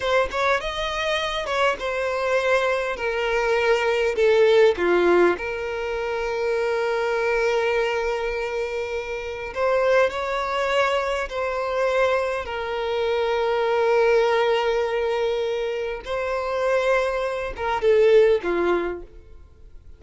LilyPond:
\new Staff \with { instrumentName = "violin" } { \time 4/4 \tempo 4 = 101 c''8 cis''8 dis''4. cis''8 c''4~ | c''4 ais'2 a'4 | f'4 ais'2.~ | ais'1 |
c''4 cis''2 c''4~ | c''4 ais'2.~ | ais'2. c''4~ | c''4. ais'8 a'4 f'4 | }